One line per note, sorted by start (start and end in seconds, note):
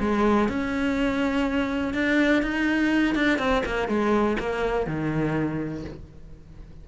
0.00 0.49 G#3
0.49 1.94 C#4
1.94 2.43 D4
2.43 3.16 D#4
3.16 3.39 D4
3.39 3.63 C4
3.66 3.89 A#3
3.89 4.37 G#3
4.40 4.87 A#3
4.87 5.84 D#3